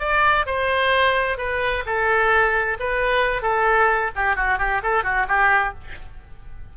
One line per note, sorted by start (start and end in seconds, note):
0.00 0.46 D5
0.46 1.38 C5
1.38 1.84 B4
1.87 2.78 A4
2.80 3.42 B4
3.42 4.11 A4
4.16 4.36 G4
4.36 4.59 F#4
4.59 4.82 G4
4.83 5.04 A4
5.04 5.27 F#4
5.29 5.74 G4